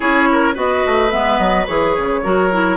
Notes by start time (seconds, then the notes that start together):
0.00 C#4 E4 G#4 C#5
0.31 A#4
0.54 B3 F#4 B4 D#5
0.86 A3
1.10 G#3 B3 E5
1.38 F#3 D#5
1.66 E3 G#4 C#5
1.97 C#3
2.22 F#3 F#4 A#4
2.51 E4